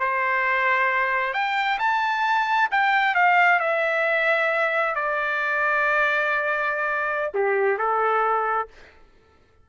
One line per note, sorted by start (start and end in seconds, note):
0.00 1.34 C5
1.34 1.79 G5
1.79 2.70 A5
2.72 3.15 G5
3.15 3.60 F5
3.60 4.95 E5
4.96 7.33 D5
7.35 7.78 G4
7.78 8.68 A4